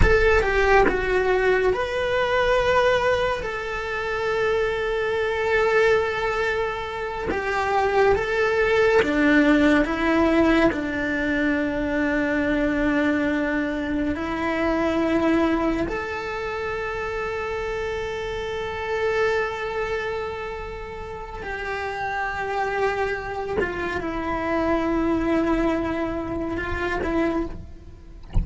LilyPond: \new Staff \with { instrumentName = "cello" } { \time 4/4 \tempo 4 = 70 a'8 g'8 fis'4 b'2 | a'1~ | a'8 g'4 a'4 d'4 e'8~ | e'8 d'2.~ d'8~ |
d'8 e'2 a'4.~ | a'1~ | a'4 g'2~ g'8 f'8 | e'2. f'8 e'8 | }